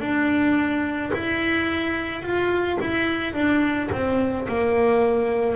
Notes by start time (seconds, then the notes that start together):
0.00 D4
1.14 E4
2.23 F4
2.81 E4
3.33 D4
3.92 C4
4.48 A#3